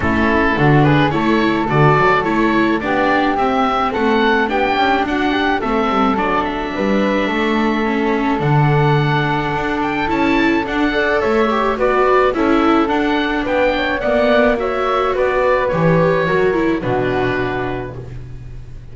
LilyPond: <<
  \new Staff \with { instrumentName = "oboe" } { \time 4/4 \tempo 4 = 107 a'4. b'8 cis''4 d''4 | cis''4 d''4 e''4 fis''4 | g''4 fis''4 e''4 d''8 e''8~ | e''2. fis''4~ |
fis''4. g''8 a''4 fis''4 | e''4 d''4 e''4 fis''4 | g''4 fis''4 e''4 d''4 | cis''2 b'2 | }
  \new Staff \with { instrumentName = "flute" } { \time 4/4 e'4 fis'8 gis'8 a'2~ | a'4 g'2 a'4 | g'4 fis'8 g'8 a'2 | b'4 a'2.~ |
a'2.~ a'8 d''8 | cis''4 b'4 a'2 | b'8 cis''8 d''4 cis''4 b'4~ | b'4 ais'4 fis'2 | }
  \new Staff \with { instrumentName = "viola" } { \time 4/4 cis'4 d'4 e'4 fis'4 | e'4 d'4 c'2 | d'2 c'4 d'4~ | d'2 cis'4 d'4~ |
d'2 e'4 d'8 a'8~ | a'8 g'8 fis'4 e'4 d'4~ | d'4 b4 fis'2 | g'4 fis'8 e'8 d'2 | }
  \new Staff \with { instrumentName = "double bass" } { \time 4/4 a4 d4 a4 d8 fis8 | a4 b4 c'4 a4 | b8 cis'8 d'4 a8 g8 fis4 | g4 a2 d4~ |
d4 d'4 cis'4 d'4 | a4 b4 cis'4 d'4 | b4 ais2 b4 | e4 fis4 b,2 | }
>>